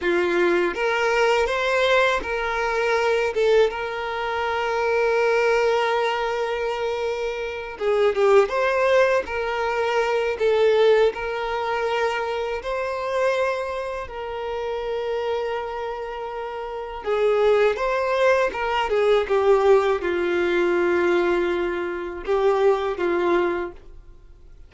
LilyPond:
\new Staff \with { instrumentName = "violin" } { \time 4/4 \tempo 4 = 81 f'4 ais'4 c''4 ais'4~ | ais'8 a'8 ais'2.~ | ais'2~ ais'8 gis'8 g'8 c''8~ | c''8 ais'4. a'4 ais'4~ |
ais'4 c''2 ais'4~ | ais'2. gis'4 | c''4 ais'8 gis'8 g'4 f'4~ | f'2 g'4 f'4 | }